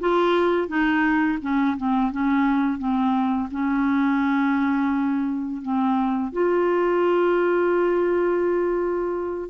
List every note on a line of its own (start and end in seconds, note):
0.00 0.68 F4
0.68 1.38 D#4
1.41 1.77 C#4
1.77 2.11 C4
2.11 2.79 C#4
2.79 3.49 C4
3.51 5.62 C#4
5.62 6.32 C4
6.32 9.49 F4